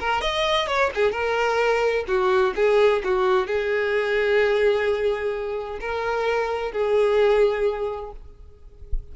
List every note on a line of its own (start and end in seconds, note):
0.00 0.21 A#4
0.21 0.67 D#5
0.67 0.90 C#5
0.95 1.12 G#4
1.12 2.04 A#4
2.07 2.54 F#4
2.56 3.02 G#4
3.04 3.47 F#4
3.47 5.79 G#4
5.80 6.72 A#4
6.72 8.11 G#4